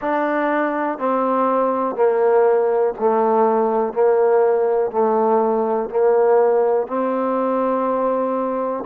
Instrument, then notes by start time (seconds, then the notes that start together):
trombone
0.01 D4
0.98 C4
1.95 A#3
2.99 A3
3.93 A#3
4.91 A3
5.89 A#3
6.87 C4